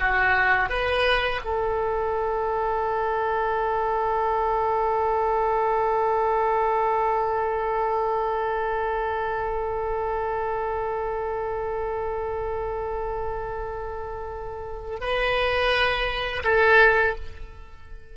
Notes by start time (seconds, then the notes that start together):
0.00 F#4
0.69 B4
1.44 A4
15.01 B4
16.44 A4